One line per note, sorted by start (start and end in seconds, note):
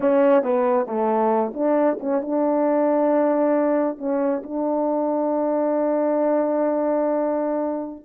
0.00 0.42 C#4
0.42 0.86 B3
0.86 1.52 A3
1.54 1.98 D4
2.00 2.21 C#4
2.21 3.98 D4
3.98 4.42 C#4
4.43 8.05 D4